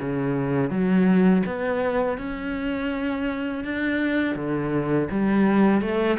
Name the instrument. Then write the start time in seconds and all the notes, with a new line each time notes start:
cello
0.00 C#3
0.70 F#3
1.46 B3
2.18 C#4
3.64 D4
4.35 D3
5.11 G3
5.82 A3